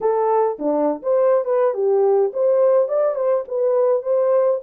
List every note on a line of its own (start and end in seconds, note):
0.01 0.58 A4
0.58 1.02 D4
1.02 1.44 C5
1.44 1.73 B4
1.74 2.31 G4
2.33 2.88 C5
2.88 3.15 D5
3.15 3.44 C5
3.47 4.02 B4
4.02 4.60 C5